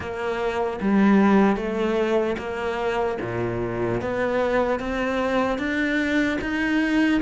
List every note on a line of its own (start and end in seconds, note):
0.00 0.79 A#3
0.81 1.56 G3
1.56 2.36 A3
2.37 3.17 A#3
3.21 4.01 A#2
4.01 4.79 B3
4.79 5.58 C4
5.58 6.38 D4
6.41 7.21 D#4